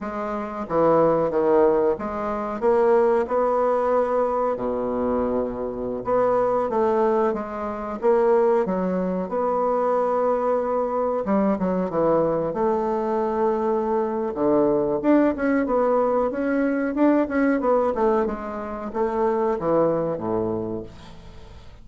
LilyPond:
\new Staff \with { instrumentName = "bassoon" } { \time 4/4 \tempo 4 = 92 gis4 e4 dis4 gis4 | ais4 b2 b,4~ | b,4~ b,16 b4 a4 gis8.~ | gis16 ais4 fis4 b4.~ b16~ |
b4~ b16 g8 fis8 e4 a8.~ | a2 d4 d'8 cis'8 | b4 cis'4 d'8 cis'8 b8 a8 | gis4 a4 e4 a,4 | }